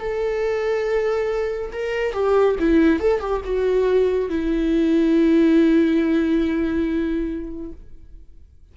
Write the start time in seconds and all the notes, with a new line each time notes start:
0.00 A4
1.73 A#4
2.14 G4
2.60 E4
3.00 A4
3.21 G4
3.45 F#4
4.30 E4